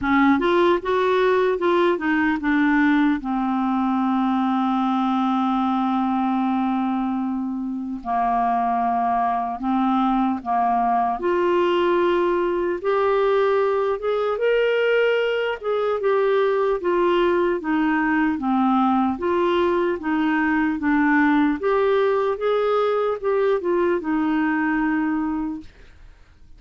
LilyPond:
\new Staff \with { instrumentName = "clarinet" } { \time 4/4 \tempo 4 = 75 cis'8 f'8 fis'4 f'8 dis'8 d'4 | c'1~ | c'2 ais2 | c'4 ais4 f'2 |
g'4. gis'8 ais'4. gis'8 | g'4 f'4 dis'4 c'4 | f'4 dis'4 d'4 g'4 | gis'4 g'8 f'8 dis'2 | }